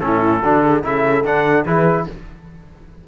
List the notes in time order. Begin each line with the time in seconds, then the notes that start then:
0.00 A2 C#4 E4 A4
0.41 D3 D4 F#4
0.63 G#4
0.83 C#3 E4 A4 E5
1.23 D3 D4 F#5
1.65 E3 E4 G#4 B4